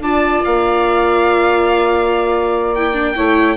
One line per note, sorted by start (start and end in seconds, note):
0.00 0.42 D4
0.00 2.76 F4
0.00 3.15 D5
0.00 0.44 A5
0.44 3.18 A#3
0.44 2.74 F5
2.74 2.94 E4
2.74 3.57 G5
2.94 3.15 D4
3.15 3.57 A3
3.15 3.57 E4
3.15 3.57 C#5